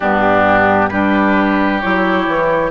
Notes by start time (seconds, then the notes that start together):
0.00 G2 B3 D4 G4
0.88 G3 D4 G4 B4
1.80 F#3 E4 C#5
2.27 E3